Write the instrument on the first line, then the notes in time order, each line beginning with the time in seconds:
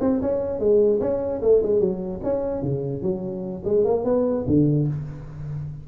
tuba
0.00 C4
0.21 C#4
0.59 G#3
1.00 C#4
1.42 A3
1.62 G#3
1.80 F#3
2.23 C#4
2.62 C#3
3.02 F#3
3.64 G#3
3.84 A#3
4.04 B3
4.46 D3